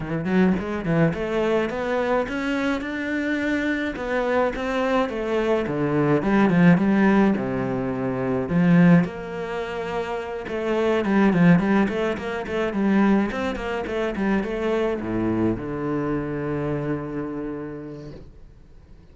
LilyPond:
\new Staff \with { instrumentName = "cello" } { \time 4/4 \tempo 4 = 106 e8 fis8 gis8 e8 a4 b4 | cis'4 d'2 b4 | c'4 a4 d4 g8 f8 | g4 c2 f4 |
ais2~ ais8 a4 g8 | f8 g8 a8 ais8 a8 g4 c'8 | ais8 a8 g8 a4 a,4 d8~ | d1 | }